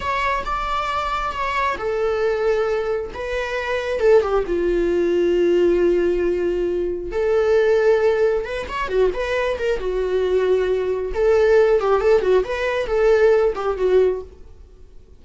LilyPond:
\new Staff \with { instrumentName = "viola" } { \time 4/4 \tempo 4 = 135 cis''4 d''2 cis''4 | a'2. b'4~ | b'4 a'8 g'8 f'2~ | f'1 |
a'2. b'8 cis''8 | fis'8 b'4 ais'8 fis'2~ | fis'4 a'4. g'8 a'8 fis'8 | b'4 a'4. g'8 fis'4 | }